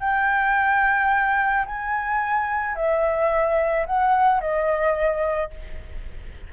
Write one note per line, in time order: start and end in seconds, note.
0.00 1.65 G5
1.65 2.75 G#5
2.75 3.85 E5
3.86 4.40 F#5
4.40 5.50 D#5